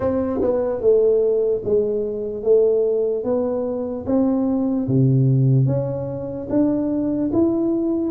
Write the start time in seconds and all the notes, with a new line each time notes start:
0.00 C4
0.41 B3
0.81 A3
1.64 G#3
2.43 A3
3.24 B3
4.06 C4
4.87 C3
5.66 C#4
6.49 D4
7.32 E4